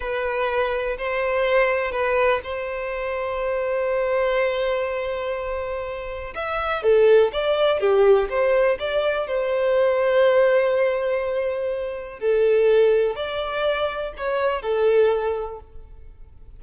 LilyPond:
\new Staff \with { instrumentName = "violin" } { \time 4/4 \tempo 4 = 123 b'2 c''2 | b'4 c''2.~ | c''1~ | c''4 e''4 a'4 d''4 |
g'4 c''4 d''4 c''4~ | c''1~ | c''4 a'2 d''4~ | d''4 cis''4 a'2 | }